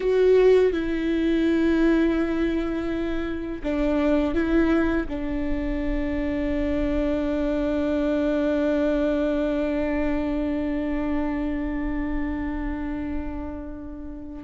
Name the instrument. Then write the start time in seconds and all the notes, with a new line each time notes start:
viola
0.00 F#4
0.72 E4
3.63 D4
4.34 E4
5.08 D4